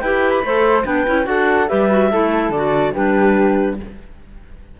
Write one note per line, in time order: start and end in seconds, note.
0.00 0.42 E4
0.00 0.44 G4
0.00 0.44 B4
0.00 0.30 G5
0.30 0.82 B5
0.42 0.84 A3
0.42 0.84 A4
0.42 0.85 C5
0.84 1.05 B3
0.84 1.05 D4
0.84 1.26 B4
0.84 1.26 G5
1.06 1.26 C#4
1.06 1.24 E4
1.24 1.68 D4
1.24 1.65 F#4
1.24 1.68 A4
1.24 1.68 F#5
1.68 2.12 G3
1.68 1.89 G4
1.68 2.10 B4
1.68 2.51 E5
1.89 2.10 F#4
2.11 2.49 A3
2.11 2.53 E4
2.11 2.93 A4
2.49 2.91 D3
2.49 2.93 F#4
2.49 2.92 D5
2.93 3.80 G3
2.93 3.77 D4
2.93 3.77 G4
2.93 3.78 B4